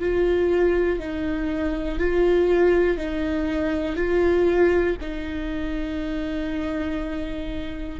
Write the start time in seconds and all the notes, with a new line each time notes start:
0.00 F4
1.00 D#4
1.99 F4
2.98 D#4
3.96 F4
5.01 D#4